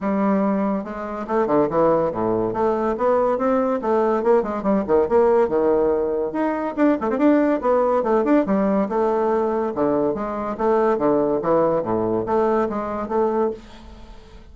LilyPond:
\new Staff \with { instrumentName = "bassoon" } { \time 4/4 \tempo 4 = 142 g2 gis4 a8 d8 | e4 a,4 a4 b4 | c'4 a4 ais8 gis8 g8 dis8 | ais4 dis2 dis'4 |
d'8 a16 c'16 d'4 b4 a8 d'8 | g4 a2 d4 | gis4 a4 d4 e4 | a,4 a4 gis4 a4 | }